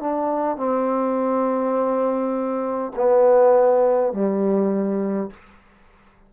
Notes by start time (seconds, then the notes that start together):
0.00 D4
0.57 C4
2.96 B3
4.13 G3